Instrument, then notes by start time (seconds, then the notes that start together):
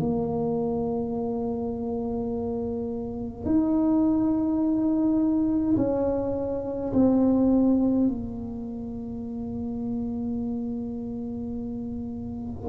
tuba
0.00 A#3
3.46 D#4
5.77 C#4
6.93 C4
8.08 A#3